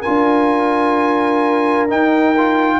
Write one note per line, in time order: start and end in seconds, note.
0.00 1.89 F4
0.00 2.77 A#4
0.00 1.86 G#5
0.07 1.91 D4
1.89 2.35 D#4
1.89 2.79 D#4
1.89 2.79 G5
2.37 2.79 F4